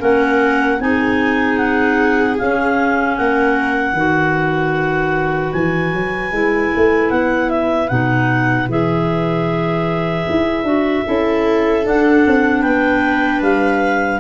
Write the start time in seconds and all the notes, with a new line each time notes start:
0.00 A#3 C#4 A#4 F#5
0.80 C4 D#4 G#4 G#5
1.58 F#5
2.38 C#4 F5
3.17 A#3 A#4 F#5
3.93 D#3 F#4 B4
5.53 E3 G#5
5.93 F#3
6.32 G#3 E4
6.77 A3
7.11 B3 F#5
7.50 E5
7.89 B2 D#4 F#5
8.68 E3 G#4 E5
10.30 E4
10.64 D4 F#4
11.06 C#4 E4 A4
11.84 D4 F#5
12.27 C4
12.61 B3 B4 G5
13.42 G3 F5